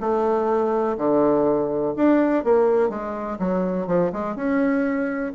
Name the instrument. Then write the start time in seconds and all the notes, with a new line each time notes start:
bassoon
0.00 A3
0.97 D3
1.96 D4
2.44 A#3
2.89 G#3
3.39 F#3
3.87 F3
4.12 G#3
4.35 C#4